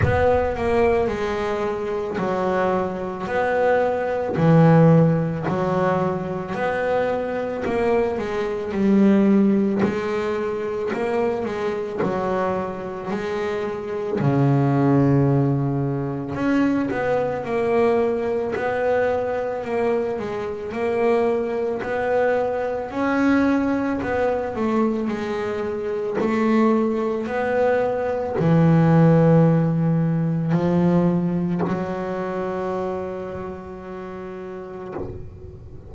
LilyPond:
\new Staff \with { instrumentName = "double bass" } { \time 4/4 \tempo 4 = 55 b8 ais8 gis4 fis4 b4 | e4 fis4 b4 ais8 gis8 | g4 gis4 ais8 gis8 fis4 | gis4 cis2 cis'8 b8 |
ais4 b4 ais8 gis8 ais4 | b4 cis'4 b8 a8 gis4 | a4 b4 e2 | f4 fis2. | }